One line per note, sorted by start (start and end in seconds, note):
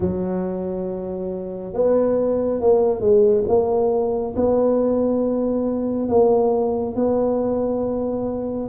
0.00 1.74 F#3
1.74 2.60 B3
2.60 3.00 A#3
3.00 3.43 G#3
3.47 4.34 A#3
4.36 6.08 B3
6.08 6.95 A#3
6.95 8.69 B3